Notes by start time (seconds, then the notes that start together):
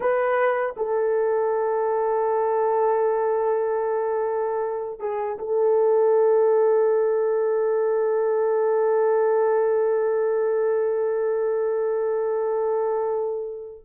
0.00 B4
0.76 A4
4.99 G#4
5.38 A4